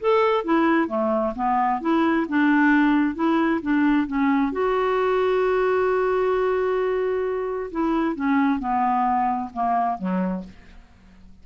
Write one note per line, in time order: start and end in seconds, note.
0.00 0.44 A4
0.44 0.88 E4
0.88 1.33 A3
1.36 1.81 B3
1.81 2.26 E4
2.29 3.15 D4
3.15 3.61 E4
3.62 4.07 D4
4.07 4.52 C#4
4.52 7.70 F#4
7.71 8.15 E4
8.15 8.59 C#4
8.59 9.50 B3
9.53 9.98 A#3
9.98 10.44 F#3